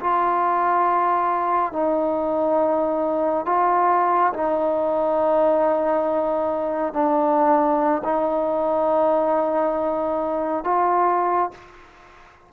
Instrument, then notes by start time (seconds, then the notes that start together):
trombone
0.00 F4
1.72 D#4
3.45 F4
4.33 D#4
6.93 D4
8.04 D#4
10.64 F4